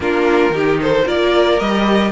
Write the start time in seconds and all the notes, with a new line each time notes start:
0.00 A#3 D4 F4 A#4
0.50 D#3 D#4 G4
0.81 A4 C5
1.05 A#3 F4 A#4 D5
1.59 G3 G4 D#5